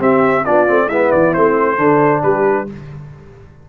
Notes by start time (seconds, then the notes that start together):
0.00 C4 G4 E5
0.45 B3 D4 F4 D5
0.68 A3 C4
0.87 G#3 B3 E4 E5
1.11 E3 D5
1.34 A3 C4 C5
1.78 D3 D4 A4
2.23 G3 G4 B4